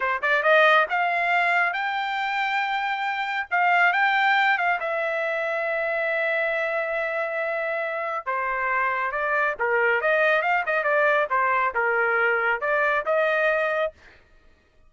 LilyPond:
\new Staff \with { instrumentName = "trumpet" } { \time 4/4 \tempo 4 = 138 c''8 d''8 dis''4 f''2 | g''1 | f''4 g''4. f''8 e''4~ | e''1~ |
e''2. c''4~ | c''4 d''4 ais'4 dis''4 | f''8 dis''8 d''4 c''4 ais'4~ | ais'4 d''4 dis''2 | }